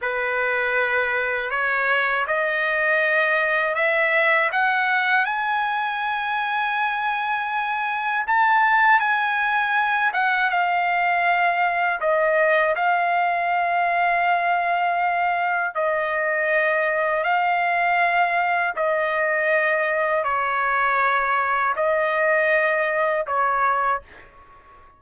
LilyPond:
\new Staff \with { instrumentName = "trumpet" } { \time 4/4 \tempo 4 = 80 b'2 cis''4 dis''4~ | dis''4 e''4 fis''4 gis''4~ | gis''2. a''4 | gis''4. fis''8 f''2 |
dis''4 f''2.~ | f''4 dis''2 f''4~ | f''4 dis''2 cis''4~ | cis''4 dis''2 cis''4 | }